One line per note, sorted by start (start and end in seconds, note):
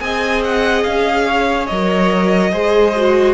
0.00 0.84 C4
0.00 1.67 G#4
0.00 1.26 D#5
0.00 0.42 G#5
0.44 0.83 F#5
0.83 1.70 C#4
0.83 1.66 F5
1.26 2.51 C#5
1.66 2.52 F#3
1.66 2.52 A#4
1.66 3.33 D#5
2.51 3.33 G#3
2.51 2.93 G#4
2.51 3.33 C5
2.96 3.33 F#4